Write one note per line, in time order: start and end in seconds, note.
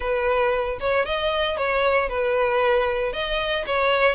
0.00 0.78 B4
0.79 1.05 C#5
1.05 1.57 D#5
1.57 2.08 C#5
2.08 3.12 B4
3.12 3.65 D#5
3.66 4.15 C#5